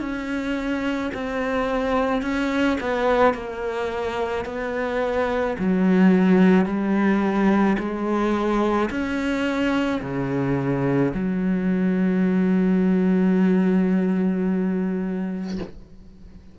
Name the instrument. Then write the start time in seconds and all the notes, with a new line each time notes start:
cello
0.00 C#4
1.14 C4
2.22 C#4
2.81 B3
3.34 A#3
4.45 B3
5.59 F#3
6.66 G3
7.79 G#3
8.90 C#4
10.02 C#3
11.14 F#3